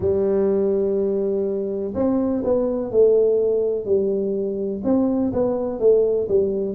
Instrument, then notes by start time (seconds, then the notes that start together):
tuba
0.00 G3
1.94 C4
2.44 B3
2.91 A3
3.84 G3
4.83 C4
5.32 B3
5.79 A3
6.28 G3